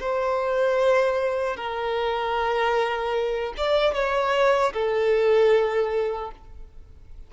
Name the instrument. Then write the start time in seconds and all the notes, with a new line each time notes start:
violin
0.00 C5
1.56 A#4
3.57 D5
3.94 C#5
4.73 A4